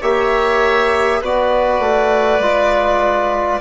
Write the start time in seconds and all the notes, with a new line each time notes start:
0.00 A#3 G4 C#5 E5
1.21 B3 F#4 B4 D5
1.79 A3
2.39 G#3 F4